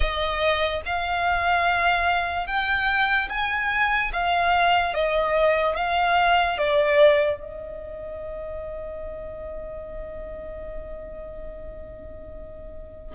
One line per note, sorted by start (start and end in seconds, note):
0.00 0.81 D#5
0.85 2.46 F5
2.46 3.28 G5
3.29 4.11 G#5
4.12 4.94 F5
4.94 5.76 D#5
5.76 6.58 F5
6.58 7.40 D5
7.40 13.14 D#5